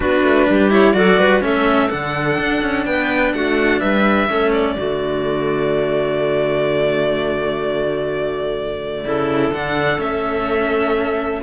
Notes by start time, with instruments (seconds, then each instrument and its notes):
0.00 cello B3 D4, clarinet F#4, violin B4
0.23 cello A3
0.48 cello G3, clarinet G4
0.70 cello E4, violin C#5
0.92 cello F#3 F#4, clarinet A4, violin D5
1.18 cello G3, clarinet B4
1.41 cello A3 C#4, clarinet A4, violin E5
1.89 cello D3 D4, violin F#5
2.38 cello D4
2.62 cello C#4
2.85 cello B3, clarinet B4, violin G5
3.33 cello A3, clarinet F#4, violin F#5
3.80 cello G3, clarinet B4, violin E5
4.28 cello A3 C#4, clarinet A4
4.52 violin D5
4.76 cello D3 A3, clarinet F#4
9.04 cello C#3 E4, clarinet A4
9.50 cello D3 D4, violin F#5
9.98 cello A3 C#4, violin E5